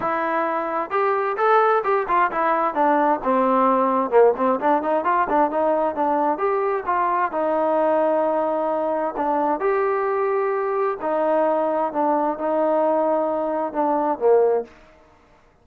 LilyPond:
\new Staff \with { instrumentName = "trombone" } { \time 4/4 \tempo 4 = 131 e'2 g'4 a'4 | g'8 f'8 e'4 d'4 c'4~ | c'4 ais8 c'8 d'8 dis'8 f'8 d'8 | dis'4 d'4 g'4 f'4 |
dis'1 | d'4 g'2. | dis'2 d'4 dis'4~ | dis'2 d'4 ais4 | }